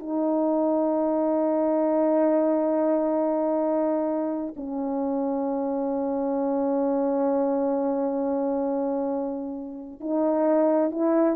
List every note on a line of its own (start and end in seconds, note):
0.00 4.55 D#4
4.57 10.01 C#4
10.01 10.92 D#4
10.92 11.37 E4